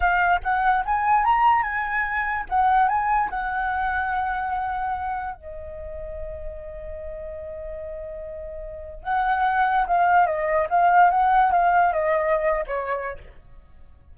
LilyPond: \new Staff \with { instrumentName = "flute" } { \time 4/4 \tempo 4 = 146 f''4 fis''4 gis''4 ais''4 | gis''2 fis''4 gis''4 | fis''1~ | fis''4 dis''2.~ |
dis''1~ | dis''2 fis''2 | f''4 dis''4 f''4 fis''4 | f''4 dis''4.~ dis''16 cis''4~ cis''16 | }